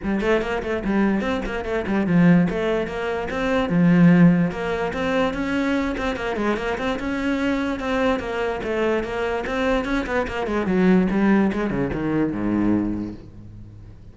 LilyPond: \new Staff \with { instrumentName = "cello" } { \time 4/4 \tempo 4 = 146 g8 a8 ais8 a8 g4 c'8 ais8 | a8 g8 f4 a4 ais4 | c'4 f2 ais4 | c'4 cis'4. c'8 ais8 gis8 |
ais8 c'8 cis'2 c'4 | ais4 a4 ais4 c'4 | cis'8 b8 ais8 gis8 fis4 g4 | gis8 cis8 dis4 gis,2 | }